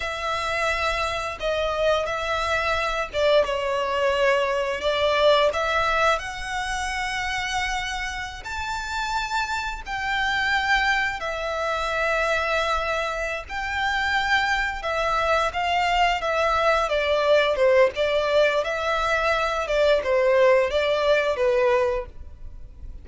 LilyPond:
\new Staff \with { instrumentName = "violin" } { \time 4/4 \tempo 4 = 87 e''2 dis''4 e''4~ | e''8 d''8 cis''2 d''4 | e''4 fis''2.~ | fis''16 a''2 g''4.~ g''16~ |
g''16 e''2.~ e''16 g''8~ | g''4. e''4 f''4 e''8~ | e''8 d''4 c''8 d''4 e''4~ | e''8 d''8 c''4 d''4 b'4 | }